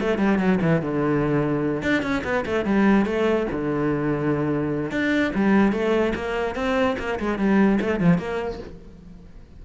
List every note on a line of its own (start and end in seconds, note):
0.00 0.18 A3
0.18 0.38 G3
0.38 0.59 F#3
0.61 0.81 E3
0.81 1.82 D3
1.82 2.02 D4
2.02 2.23 C#4
2.24 2.45 B3
2.45 2.65 A3
2.65 3.05 G3
3.05 3.47 A3
3.52 4.91 D3
4.91 5.32 D4
5.35 5.72 G3
5.72 6.13 A3
6.15 6.55 A#3
6.55 6.96 C4
6.98 7.19 A#3
7.19 7.38 G#3
7.38 7.79 G3
7.81 8.00 A3
8.00 8.18 F3
8.18 8.59 A#3